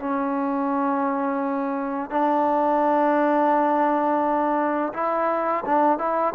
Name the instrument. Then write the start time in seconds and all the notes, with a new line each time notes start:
trombone
0.00 C#4
2.11 D4
4.93 E4
5.66 D4
5.99 E4